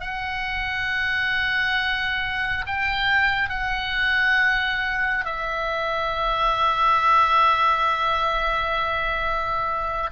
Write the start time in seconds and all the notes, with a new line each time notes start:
0.00 F#5
2.66 G5
3.49 F#5
5.25 E5